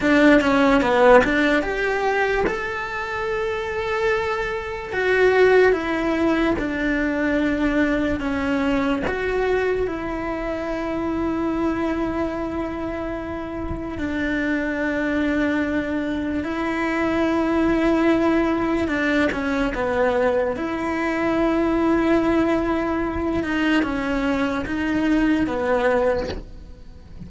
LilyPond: \new Staff \with { instrumentName = "cello" } { \time 4/4 \tempo 4 = 73 d'8 cis'8 b8 d'8 g'4 a'4~ | a'2 fis'4 e'4 | d'2 cis'4 fis'4 | e'1~ |
e'4 d'2. | e'2. d'8 cis'8 | b4 e'2.~ | e'8 dis'8 cis'4 dis'4 b4 | }